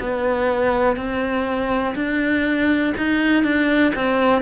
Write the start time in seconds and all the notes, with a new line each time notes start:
0.00 B3
0.97 C4
1.95 D4
2.98 D#4
3.44 D4
3.95 C4